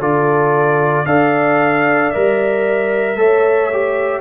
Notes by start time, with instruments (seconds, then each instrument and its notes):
0.00 tuba D3, trombone F4, horn A4, trumpet D5
1.05 tuba D4, trombone A4, horn D5, trumpet F5
2.10 tuba G3, trombone A#4, trumpet E5
3.16 tuba A3, trombone A4, horn C#5
3.73 trombone G4